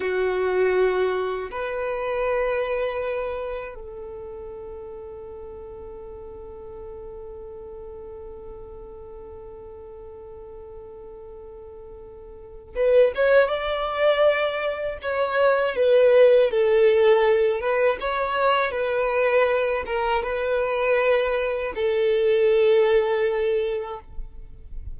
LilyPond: \new Staff \with { instrumentName = "violin" } { \time 4/4 \tempo 4 = 80 fis'2 b'2~ | b'4 a'2.~ | a'1~ | a'1~ |
a'4 b'8 cis''8 d''2 | cis''4 b'4 a'4. b'8 | cis''4 b'4. ais'8 b'4~ | b'4 a'2. | }